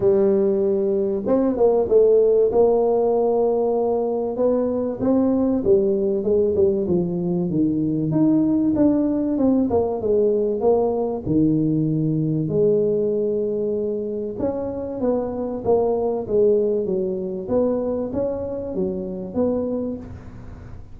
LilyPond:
\new Staff \with { instrumentName = "tuba" } { \time 4/4 \tempo 4 = 96 g2 c'8 ais8 a4 | ais2. b4 | c'4 g4 gis8 g8 f4 | dis4 dis'4 d'4 c'8 ais8 |
gis4 ais4 dis2 | gis2. cis'4 | b4 ais4 gis4 fis4 | b4 cis'4 fis4 b4 | }